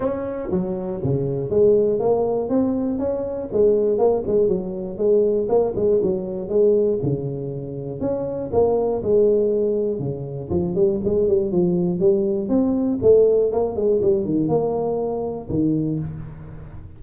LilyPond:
\new Staff \with { instrumentName = "tuba" } { \time 4/4 \tempo 4 = 120 cis'4 fis4 cis4 gis4 | ais4 c'4 cis'4 gis4 | ais8 gis8 fis4 gis4 ais8 gis8 | fis4 gis4 cis2 |
cis'4 ais4 gis2 | cis4 f8 g8 gis8 g8 f4 | g4 c'4 a4 ais8 gis8 | g8 dis8 ais2 dis4 | }